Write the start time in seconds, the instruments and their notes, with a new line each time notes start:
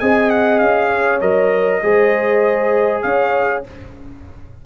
0.00 tuba C4, trombone G#4, horn D#5, trumpet G#5
0.30 trumpet F#5
0.59 tuba C#4, trumpet F5
0.89 horn C#5
1.21 tuba F#3, trombone A#4, trumpet D#5
1.83 tuba G#3, trombone G#4, horn C5
3.03 tuba C#4, horn C#5, trumpet F5